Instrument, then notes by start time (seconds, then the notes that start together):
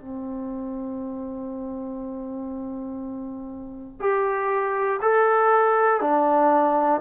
trombone
0.00 C4
4.00 G4
5.01 A4
6.00 D4